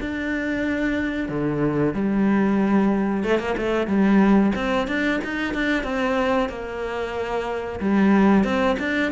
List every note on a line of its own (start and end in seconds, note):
0.00 1.29 D4
1.29 1.94 D3
1.94 3.23 G3
3.23 3.39 A3
3.39 3.55 A#3
3.57 3.87 A3
3.87 4.52 G3
4.55 4.87 C4
4.87 5.20 D4
5.24 5.54 D#4
5.54 5.84 D4
5.84 6.49 C4
6.49 7.80 A#3
7.80 8.44 G3
8.44 8.76 C4
8.79 9.12 D4